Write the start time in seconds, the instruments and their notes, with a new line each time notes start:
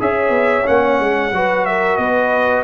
0.00 tuba C#4, trombone G#4, horn C#5, trumpet E5
0.30 tuba B3
0.65 tuba A#3, trombone C#4, trumpet F#5
1.00 tuba G#3
1.32 tuba F#3, trombone F#4, horn B4
1.66 horn A#4, trumpet E5
1.97 tuba B3, horn B4, trumpet D#5